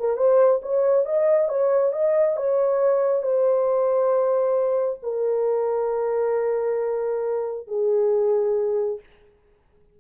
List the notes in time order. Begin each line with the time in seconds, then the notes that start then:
0.00 A#4
0.17 C5
0.63 C#5
1.06 D#5
1.49 C#5
1.93 D#5
2.37 C#5
3.23 C5
5.03 A#4
7.68 G#4